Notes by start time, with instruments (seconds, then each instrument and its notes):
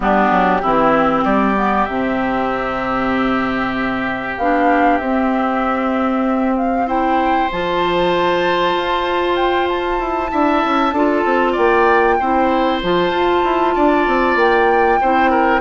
0.00 bassoon G3, clarinet B3, oboe D4, flute G4
0.30 bassoon F#3
0.61 bassoon E3, clarinet C4, oboe E4
1.24 bassoon G3, oboe G4, flute D5
1.55 clarinet B3
1.85 bassoon C3, clarinet C4, flute E5
4.37 bassoon B3, clarinet D4, flute F5
4.98 bassoon C4, clarinet C4, flute E5
6.57 flute F5
6.86 clarinet E4, oboe C5, flute G5
7.51 bassoon F3, clarinet F4, flute A5
8.75 bassoon F4
9.36 flute G5
9.68 flute A5
9.99 bassoon E4
10.29 bassoon D4, clarinet E4, oboe E5
10.64 bassoon C#4
10.92 bassoon D4, clarinet F4, oboe A4
11.24 bassoon C4
11.52 bassoon A#3, oboe D5, flute G5
12.19 bassoon C4, clarinet E4, oboe C5
12.82 bassoon F3, clarinet F4, flute A5
13.10 bassoon F4
13.44 bassoon E4
13.74 bassoon D4, oboe D5
14.07 bassoon C4
14.35 bassoon A#3, flute G5
15.01 bassoon C4, clarinet E4, oboe C5
15.30 oboe A#4